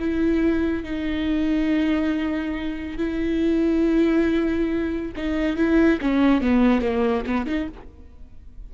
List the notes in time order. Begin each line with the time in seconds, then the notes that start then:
0.00 E4
0.84 D#4
2.98 E4
5.17 D#4
5.57 E4
6.02 C#4
6.41 B3
6.82 A#3
7.27 B3
7.47 D#4